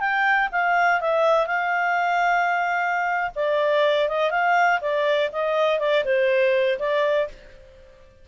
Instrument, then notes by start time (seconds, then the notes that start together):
clarinet
0.00 G5
0.52 F5
1.01 E5
1.47 F5
3.35 D5
4.09 D#5
4.31 F5
4.81 D5
5.32 D#5
5.79 D5
6.05 C5
6.79 D5